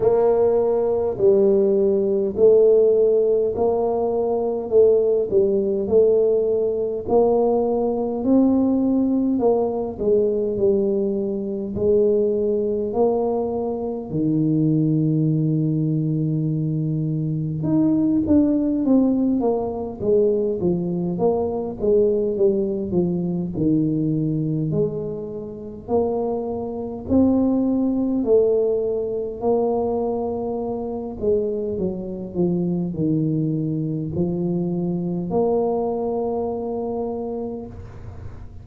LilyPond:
\new Staff \with { instrumentName = "tuba" } { \time 4/4 \tempo 4 = 51 ais4 g4 a4 ais4 | a8 g8 a4 ais4 c'4 | ais8 gis8 g4 gis4 ais4 | dis2. dis'8 d'8 |
c'8 ais8 gis8 f8 ais8 gis8 g8 f8 | dis4 gis4 ais4 c'4 | a4 ais4. gis8 fis8 f8 | dis4 f4 ais2 | }